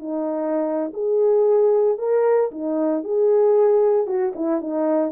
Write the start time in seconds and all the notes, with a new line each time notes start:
0.00 D#4
0.94 G#4
1.99 A#4
2.52 D#4
3.04 G#4
4.07 F#4
4.36 E4
4.61 D#4